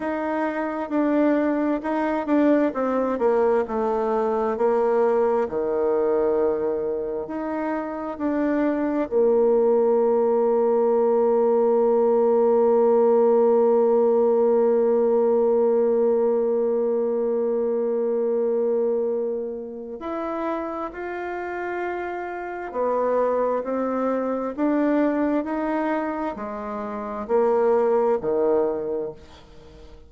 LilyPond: \new Staff \with { instrumentName = "bassoon" } { \time 4/4 \tempo 4 = 66 dis'4 d'4 dis'8 d'8 c'8 ais8 | a4 ais4 dis2 | dis'4 d'4 ais2~ | ais1~ |
ais1~ | ais2 e'4 f'4~ | f'4 b4 c'4 d'4 | dis'4 gis4 ais4 dis4 | }